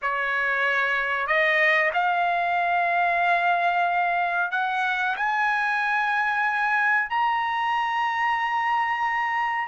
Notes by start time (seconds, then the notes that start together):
0.02 C#5
1.26 D#5
1.93 F5
4.51 F#5
5.16 G#5
7.09 A#5